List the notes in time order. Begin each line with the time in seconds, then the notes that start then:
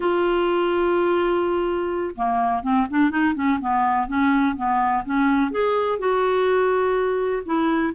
0.00 F4
2.15 A#3
2.62 C4
2.90 D4
3.10 D#4
3.34 C#4
3.60 B3
4.07 C#4
4.56 B3
5.05 C#4
5.51 G#4
5.98 F#4
7.45 E4